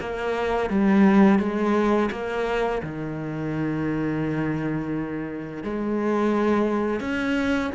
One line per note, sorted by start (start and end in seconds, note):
0.00 0.70 A#3
0.70 1.39 G3
1.39 2.09 G#3
2.11 2.81 A#3
2.82 5.63 D#3
5.63 7.00 G#3
7.00 7.71 C#4